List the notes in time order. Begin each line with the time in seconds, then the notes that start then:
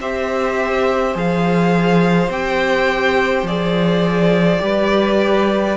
0.00 C4 G4 C5 E5
1.14 F3 G#4 F5
2.29 C4 G4 G5
3.43 F3 G#4 D5
4.60 G3 G4 B4